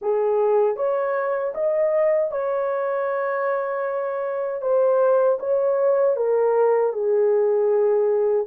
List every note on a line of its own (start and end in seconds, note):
0.01 0.76 G#4
0.76 1.53 C#5
1.54 2.31 D#5
2.31 4.61 C#5
4.61 5.38 C5
5.39 6.16 C#5
6.16 6.92 A#4
6.92 8.46 G#4